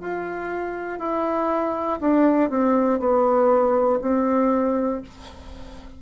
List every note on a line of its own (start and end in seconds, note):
0.00 0.99 F4
0.99 1.99 E4
2.00 2.49 D4
2.49 2.99 C4
2.99 3.99 B3
4.01 5.01 C4